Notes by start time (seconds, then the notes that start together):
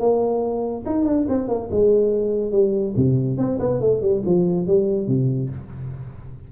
0.00 A#3
0.86 D#4
1.06 D4
1.29 C4
1.48 A#3
1.72 G#3
2.52 G3
2.97 C3
3.38 C4
3.60 B3
3.81 A3
4.02 G3
4.26 F3
4.67 G3
5.08 C3